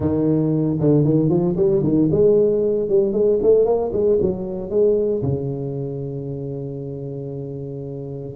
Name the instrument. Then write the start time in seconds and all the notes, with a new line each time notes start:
tuba
0.00 D#3
0.80 D3
1.04 D#3
1.29 F3
1.56 G3
1.83 D#3
2.11 G#3
2.88 G3
3.12 G#3
3.42 A3
3.65 A#3
3.92 G#3
4.21 F#3
4.70 G#3
5.22 C#3